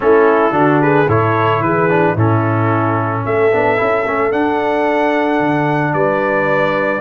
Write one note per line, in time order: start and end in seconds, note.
0.00 0.51 A3
0.00 0.51 C#4
0.00 0.55 E4
0.00 0.81 A4
0.51 1.05 D3
0.51 1.05 D4
0.51 0.82 F#4
0.81 1.08 G#4
0.81 1.08 B4
1.07 1.60 A2
1.07 1.89 E4
1.07 1.62 A4
1.07 1.62 C#5
1.60 2.14 E3
1.60 2.14 G#4
1.60 2.16 B4
1.89 2.16 D4
2.14 3.23 A2
2.14 3.51 C#4
2.14 3.22 E4
2.14 3.25 A4
3.25 3.52 A3
3.25 5.94 A4
3.25 4.31 E5
3.52 3.79 B3
3.52 3.76 D4
3.76 4.05 C#4
3.76 4.03 E4
4.05 4.32 A3
4.05 4.31 C#4
4.31 7.00 D4
4.31 5.40 D4
4.31 5.93 F#5
5.40 5.93 D3
5.93 7.00 G3
5.93 7.00 B4
5.93 7.00 D5